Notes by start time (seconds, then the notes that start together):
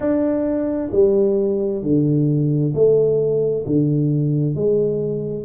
0.00 D4
0.91 G3
1.82 D3
2.74 A3
3.66 D3
4.55 G#3